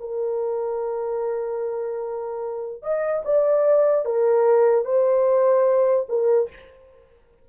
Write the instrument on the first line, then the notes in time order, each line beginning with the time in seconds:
horn
0.00 A#4
2.82 D#5
3.25 D5
4.05 A#4
4.85 C5
6.08 A#4